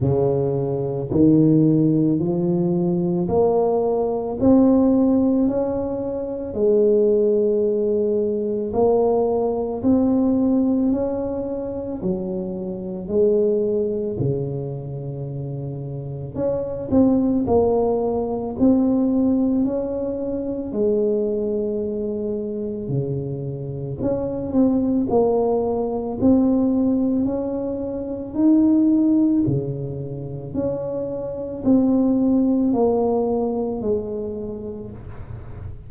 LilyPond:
\new Staff \with { instrumentName = "tuba" } { \time 4/4 \tempo 4 = 55 cis4 dis4 f4 ais4 | c'4 cis'4 gis2 | ais4 c'4 cis'4 fis4 | gis4 cis2 cis'8 c'8 |
ais4 c'4 cis'4 gis4~ | gis4 cis4 cis'8 c'8 ais4 | c'4 cis'4 dis'4 cis4 | cis'4 c'4 ais4 gis4 | }